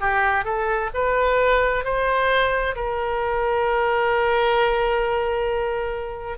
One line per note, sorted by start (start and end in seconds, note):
0.00 0.44 G4
0.44 0.90 A4
0.94 1.84 B4
1.84 2.75 C5
2.75 6.38 A#4